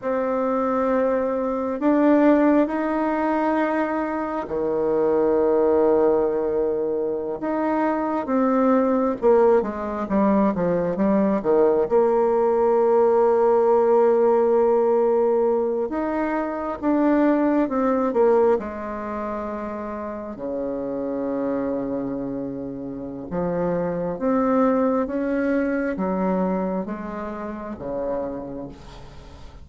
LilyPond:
\new Staff \with { instrumentName = "bassoon" } { \time 4/4 \tempo 4 = 67 c'2 d'4 dis'4~ | dis'4 dis2.~ | dis16 dis'4 c'4 ais8 gis8 g8 f16~ | f16 g8 dis8 ais2~ ais8.~ |
ais4.~ ais16 dis'4 d'4 c'16~ | c'16 ais8 gis2 cis4~ cis16~ | cis2 f4 c'4 | cis'4 fis4 gis4 cis4 | }